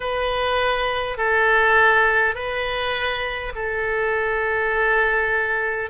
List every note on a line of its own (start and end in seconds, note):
0.00 1.17 B4
1.17 2.35 A4
2.35 3.52 B4
3.55 5.90 A4